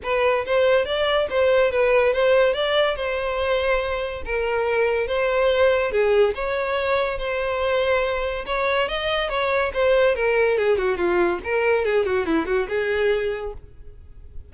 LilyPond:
\new Staff \with { instrumentName = "violin" } { \time 4/4 \tempo 4 = 142 b'4 c''4 d''4 c''4 | b'4 c''4 d''4 c''4~ | c''2 ais'2 | c''2 gis'4 cis''4~ |
cis''4 c''2. | cis''4 dis''4 cis''4 c''4 | ais'4 gis'8 fis'8 f'4 ais'4 | gis'8 fis'8 e'8 fis'8 gis'2 | }